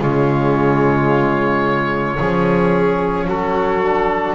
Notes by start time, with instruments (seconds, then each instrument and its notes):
0.00 double bass C#3, trombone G#3, violin F4, oboe C#5
2.18 double bass F3, trombone C#4, violin G#4
3.27 double bass F#3, violin F#4, oboe A4
3.83 trombone D4